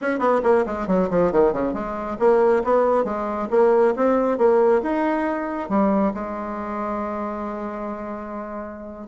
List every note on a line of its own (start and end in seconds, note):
0.01 0.19 C#4
0.19 0.41 B3
0.43 0.65 A#3
0.66 0.87 G#3
0.87 1.09 F#3
1.10 1.31 F3
1.31 1.52 D#3
1.52 1.73 C#3
1.73 2.17 G#3
2.19 2.63 A#3
2.64 3.04 B3
3.04 3.48 G#3
3.50 3.94 A#3
3.96 4.37 C4
4.37 4.81 A#3
4.82 5.69 D#4
5.69 6.13 G3
6.14 9.07 G#3